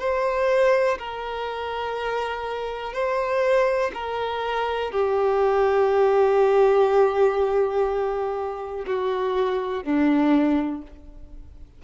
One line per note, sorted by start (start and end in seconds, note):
0.00 0.98 C5
0.98 2.93 A#4
2.93 3.91 C5
3.94 4.92 A#4
4.92 8.85 G4
8.87 9.84 F#4
9.84 10.82 D4